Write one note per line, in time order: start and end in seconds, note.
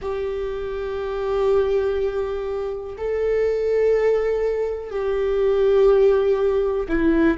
0.01 2.96 G4
2.97 4.90 A4
4.90 6.87 G4
6.88 7.37 E4